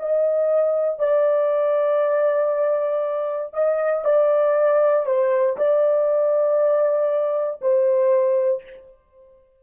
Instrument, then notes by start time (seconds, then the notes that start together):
horn
0.00 D#5
0.99 D5
3.54 D#5
4.05 D5
5.06 C5
5.57 D5
7.62 C5